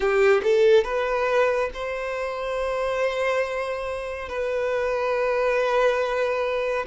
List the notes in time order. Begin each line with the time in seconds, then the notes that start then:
0.00 G4
0.43 A4
0.84 B4
1.73 C5
4.28 B4